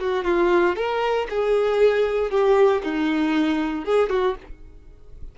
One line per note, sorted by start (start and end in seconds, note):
0.00 0.24 F#4
0.24 0.76 F4
0.76 1.27 A#4
1.30 2.31 G#4
2.31 2.82 G4
2.83 3.85 D#4
3.85 4.10 G#4
4.10 4.35 F#4